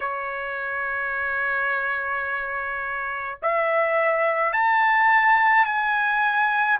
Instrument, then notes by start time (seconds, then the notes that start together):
trumpet
0.00 C#5
3.42 E5
4.53 A5
5.64 G#5